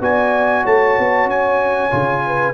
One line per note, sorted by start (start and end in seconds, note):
0.00 0.64 B3
0.00 1.90 F#4
0.00 0.63 D5
0.00 0.66 G#5
0.63 0.97 A3
0.63 2.22 C#5
0.63 1.30 A5
0.99 1.25 B3
1.25 1.89 C#4
1.25 2.54 G#5
1.90 2.54 C#3
1.90 2.54 F4
2.26 2.54 B4